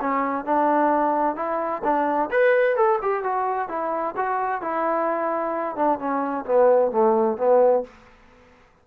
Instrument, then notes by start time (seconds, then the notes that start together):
trombone
0.00 C#4
0.45 D4
1.36 E4
1.83 D4
2.31 B4
2.76 A4
3.01 G4
3.23 F#4
3.68 E4
4.16 F#4
4.61 E4
5.75 D4
5.99 C#4
6.45 B3
6.91 A3
7.37 B3